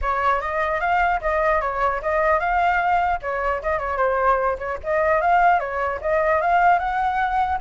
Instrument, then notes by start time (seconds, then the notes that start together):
flute
0.01 C#5
0.41 D#5
0.80 F5
1.21 D#5
1.61 C#5
2.01 D#5
2.39 F5
3.21 C#5
3.62 D#5
3.78 C#5
3.97 C5
4.58 C#5
4.83 D#5
5.21 F5
5.59 C#5
6.01 D#5
6.41 F5
6.78 F#5